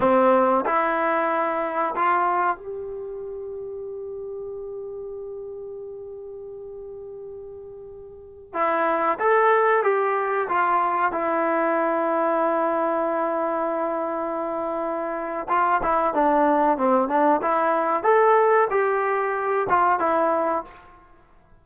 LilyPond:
\new Staff \with { instrumentName = "trombone" } { \time 4/4 \tempo 4 = 93 c'4 e'2 f'4 | g'1~ | g'1~ | g'4~ g'16 e'4 a'4 g'8.~ |
g'16 f'4 e'2~ e'8.~ | e'1 | f'8 e'8 d'4 c'8 d'8 e'4 | a'4 g'4. f'8 e'4 | }